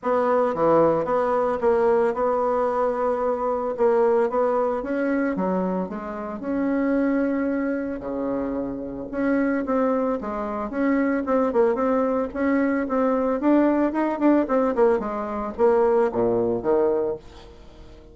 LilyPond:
\new Staff \with { instrumentName = "bassoon" } { \time 4/4 \tempo 4 = 112 b4 e4 b4 ais4 | b2. ais4 | b4 cis'4 fis4 gis4 | cis'2. cis4~ |
cis4 cis'4 c'4 gis4 | cis'4 c'8 ais8 c'4 cis'4 | c'4 d'4 dis'8 d'8 c'8 ais8 | gis4 ais4 ais,4 dis4 | }